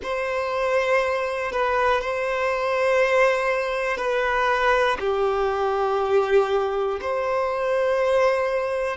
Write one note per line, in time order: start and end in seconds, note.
0.03 1.51 C5
1.51 2.01 B4
2.01 3.97 C5
3.97 4.97 B4
5.00 7.00 G4
7.00 8.96 C5